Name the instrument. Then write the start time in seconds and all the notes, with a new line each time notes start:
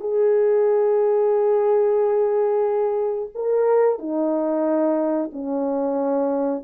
horn
0.00 G#4
3.35 A#4
3.99 D#4
5.32 C#4